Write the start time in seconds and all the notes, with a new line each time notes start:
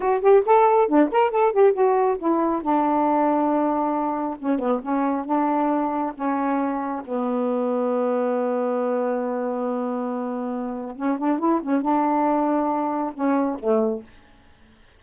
0.00 F#4
0.21 G4
0.45 A4
0.87 D4
1.11 A#4
1.31 A4
1.52 G4
1.73 F#4
2.18 E4
2.62 D4
4.39 C#4
4.58 B3
4.82 C#4
5.25 D4
6.15 C#4
7.04 B3
10.96 C#4
11.18 D4
11.38 E4
11.62 C#4
11.81 D4
13.13 C#4
13.59 A3